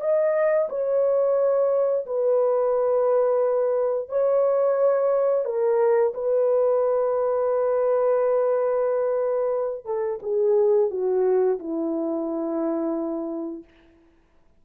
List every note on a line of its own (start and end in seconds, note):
0.00 0.68 D#5
0.69 2.05 C#5
2.06 4.09 B4
4.09 5.45 C#5
5.45 6.13 A#4
6.14 9.85 B4
9.85 10.19 A4
10.22 10.90 G#4
10.90 11.58 F#4
11.59 13.64 E4